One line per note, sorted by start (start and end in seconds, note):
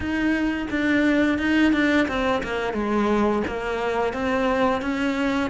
0.00 0.67 D#4
0.70 1.38 D4
1.38 1.72 D#4
1.72 2.07 D4
2.08 2.42 C4
2.43 2.73 A#3
2.73 3.42 G#3
3.47 4.13 A#3
4.13 4.81 C4
4.81 5.50 C#4